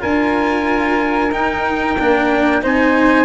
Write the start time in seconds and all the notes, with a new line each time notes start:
0.00 D4 F4 A#4 G#5
1.31 D#4 G5
1.99 A#3 D4
2.62 C4 D#4 C5 G#5